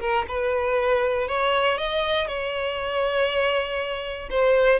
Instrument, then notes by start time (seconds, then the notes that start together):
violin
0.00 A#4
0.28 B4
1.28 C#5
1.78 D#5
2.27 C#5
4.30 C5